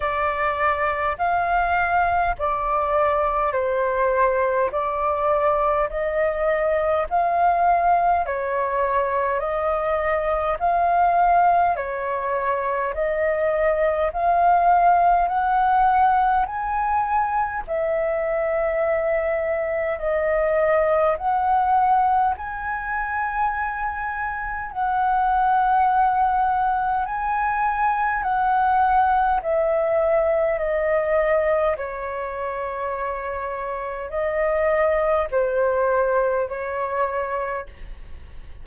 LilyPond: \new Staff \with { instrumentName = "flute" } { \time 4/4 \tempo 4 = 51 d''4 f''4 d''4 c''4 | d''4 dis''4 f''4 cis''4 | dis''4 f''4 cis''4 dis''4 | f''4 fis''4 gis''4 e''4~ |
e''4 dis''4 fis''4 gis''4~ | gis''4 fis''2 gis''4 | fis''4 e''4 dis''4 cis''4~ | cis''4 dis''4 c''4 cis''4 | }